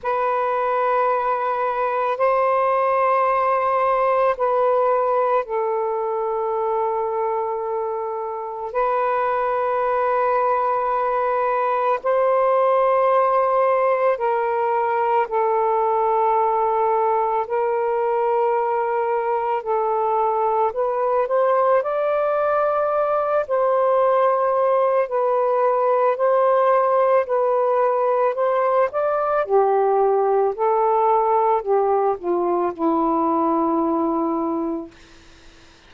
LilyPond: \new Staff \with { instrumentName = "saxophone" } { \time 4/4 \tempo 4 = 55 b'2 c''2 | b'4 a'2. | b'2. c''4~ | c''4 ais'4 a'2 |
ais'2 a'4 b'8 c''8 | d''4. c''4. b'4 | c''4 b'4 c''8 d''8 g'4 | a'4 g'8 f'8 e'2 | }